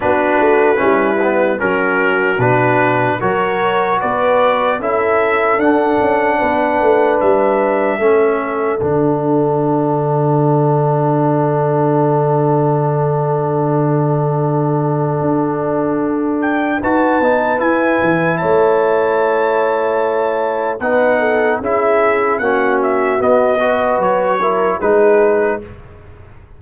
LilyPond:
<<
  \new Staff \with { instrumentName = "trumpet" } { \time 4/4 \tempo 4 = 75 b'2 ais'4 b'4 | cis''4 d''4 e''4 fis''4~ | fis''4 e''2 fis''4~ | fis''1~ |
fis''1~ | fis''8 g''8 a''4 gis''4 a''4~ | a''2 fis''4 e''4 | fis''8 e''8 dis''4 cis''4 b'4 | }
  \new Staff \with { instrumentName = "horn" } { \time 4/4 fis'4 e'4 fis'2 | ais'4 b'4 a'2 | b'2 a'2~ | a'1~ |
a'1~ | a'4 b'2 cis''4~ | cis''2 b'8 a'8 gis'4 | fis'4. b'4 ais'8 gis'4 | }
  \new Staff \with { instrumentName = "trombone" } { \time 4/4 d'4 cis'8 b8 cis'4 d'4 | fis'2 e'4 d'4~ | d'2 cis'4 d'4~ | d'1~ |
d'1~ | d'4 fis'8 dis'8 e'2~ | e'2 dis'4 e'4 | cis'4 b8 fis'4 e'8 dis'4 | }
  \new Staff \with { instrumentName = "tuba" } { \time 4/4 b8 a8 g4 fis4 b,4 | fis4 b4 cis'4 d'8 cis'8 | b8 a8 g4 a4 d4~ | d1~ |
d2. d'4~ | d'4 dis'8 b8 e'8 e8 a4~ | a2 b4 cis'4 | ais4 b4 fis4 gis4 | }
>>